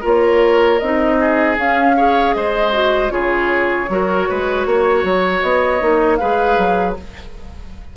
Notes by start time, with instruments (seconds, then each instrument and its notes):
0.00 bassoon A#3, clarinet F4, oboe A#4, flute C#5
0.78 bassoon C4, clarinet D#4, flute D#5
1.20 oboe G#4
1.57 clarinet C#4, bassoon C#4, flute F5
1.96 clarinet G#4, oboe C#5
2.33 bassoon G#3, oboe C5, flute D#5
2.72 clarinet F#4
3.09 bassoon C#3, clarinet F4, oboe G#4, flute C#5
3.88 bassoon F#3, clarinet F#4, oboe A#4
4.28 bassoon G#3, oboe B4
4.65 bassoon A#3, oboe C#5
5.03 bassoon F#3
5.41 bassoon B3, flute D#5
5.80 bassoon A#3, clarinet D#4
6.16 bassoon G#3, clarinet G#4, oboe B4, flute F5
6.57 bassoon F#3